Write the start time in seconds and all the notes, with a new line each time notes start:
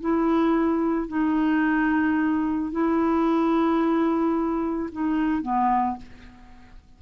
0.00 E4
1.07 D#4
2.71 E4
4.92 D#4
5.42 B3